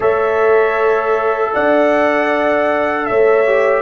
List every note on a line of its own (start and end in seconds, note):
0.00 1.51 A3
0.00 3.45 A4
0.00 1.50 C#5
0.00 1.54 E5
1.53 3.09 D4
1.53 3.07 D5
1.53 3.05 F#5
3.05 3.82 A3
3.05 3.82 C#5
3.05 3.82 E5
3.46 3.82 G4